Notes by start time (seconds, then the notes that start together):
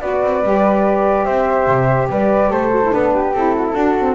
0.00 B3 F#4 B4 D5
0.22 C4
0.43 G3 G4
1.24 C4 C5 E5
1.67 C3
2.09 G3 B4 D5
2.50 A3 A4 C5
2.71 F#4
2.83 E4
2.91 B3 D4 B4
3.13 G4
3.33 C4 E4 A4
3.55 F#4
3.66 E4
3.73 D4 F#4
3.99 C4